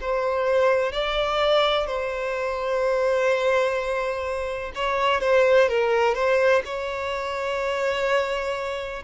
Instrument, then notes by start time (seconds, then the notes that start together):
violin
0.00 C5
0.92 D5
1.86 C5
4.74 C#5
5.20 C5
5.68 A#4
6.14 C5
6.65 C#5